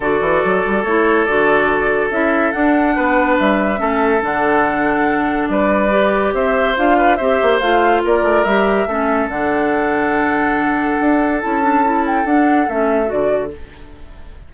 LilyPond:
<<
  \new Staff \with { instrumentName = "flute" } { \time 4/4 \tempo 4 = 142 d''2 cis''4 d''4~ | d''4 e''4 fis''2 | e''2 fis''2~ | fis''4 d''2 e''4 |
f''4 e''4 f''4 d''4 | e''2 fis''2~ | fis''2. a''4~ | a''8 g''8 fis''4 e''4 d''4 | }
  \new Staff \with { instrumentName = "oboe" } { \time 4/4 a'1~ | a'2. b'4~ | b'4 a'2.~ | a'4 b'2 c''4~ |
c''8 b'8 c''2 ais'4~ | ais'4 a'2.~ | a'1~ | a'1 | }
  \new Staff \with { instrumentName = "clarinet" } { \time 4/4 fis'2 e'4 fis'4~ | fis'4 e'4 d'2~ | d'4 cis'4 d'2~ | d'2 g'2 |
f'4 g'4 f'2 | g'4 cis'4 d'2~ | d'2. e'8 d'8 | e'4 d'4 cis'4 fis'4 | }
  \new Staff \with { instrumentName = "bassoon" } { \time 4/4 d8 e8 fis8 g8 a4 d4~ | d4 cis'4 d'4 b4 | g4 a4 d2~ | d4 g2 c'4 |
d'4 c'8 ais8 a4 ais8 a8 | g4 a4 d2~ | d2 d'4 cis'4~ | cis'4 d'4 a4 d4 | }
>>